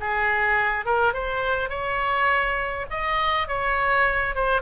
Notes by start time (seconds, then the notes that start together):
0.00 G#4
0.85 A#4
1.13 C5
1.69 C#5
2.90 D#5
3.48 C#5
4.35 C5